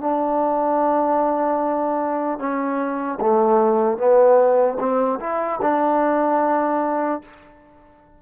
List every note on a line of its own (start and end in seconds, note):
0.00 2.39 D4
2.39 3.19 C#4
3.20 3.97 A3
3.97 4.77 B3
4.79 5.19 C4
5.20 5.60 E4
5.61 7.21 D4